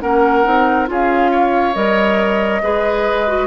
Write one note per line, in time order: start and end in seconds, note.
0.00 0.45 A#3
0.00 0.43 C#4
0.00 0.89 A#4
0.00 0.87 F#5
0.43 0.89 C4
0.43 0.86 D#4
0.86 1.75 C#4
0.86 1.73 F4
0.86 1.31 G#4
0.86 1.74 F5
1.31 2.61 C#5
1.74 2.62 G3
1.74 2.61 A#4
1.74 3.47 D#5
2.62 3.47 G#3
2.62 3.27 G#4
2.62 3.47 B4
3.27 3.47 F#4